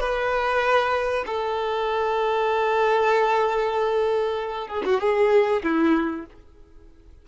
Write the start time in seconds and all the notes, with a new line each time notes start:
0.00 B4
1.26 A4
4.68 G#4
4.85 F#4
5.00 G#4
5.63 E4